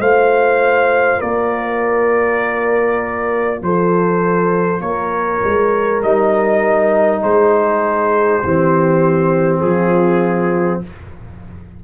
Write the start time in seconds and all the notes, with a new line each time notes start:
0.00 A3 F4 C5 F5
1.18 A#3 A#4 D5
3.62 F3 A4 C5
4.80 A#3 A#4 C#5
5.44 G#3
6.03 G3 D#4 D#5
7.22 G#3 G#4 C5
8.44 E3 C4 G4
9.60 F3 F4 G#4